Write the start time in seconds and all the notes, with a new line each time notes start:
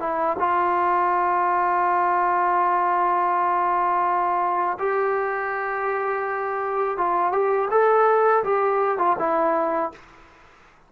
0.00 E4
0.39 F4
4.79 G4
6.98 F4
7.32 G4
7.71 A4
8.44 G4
8.98 F4
9.19 E4